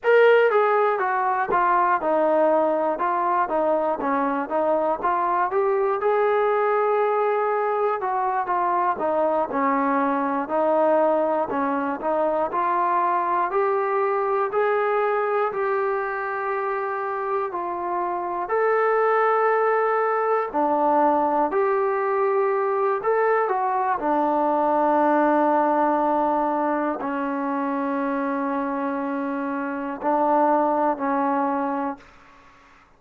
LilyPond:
\new Staff \with { instrumentName = "trombone" } { \time 4/4 \tempo 4 = 60 ais'8 gis'8 fis'8 f'8 dis'4 f'8 dis'8 | cis'8 dis'8 f'8 g'8 gis'2 | fis'8 f'8 dis'8 cis'4 dis'4 cis'8 | dis'8 f'4 g'4 gis'4 g'8~ |
g'4. f'4 a'4.~ | a'8 d'4 g'4. a'8 fis'8 | d'2. cis'4~ | cis'2 d'4 cis'4 | }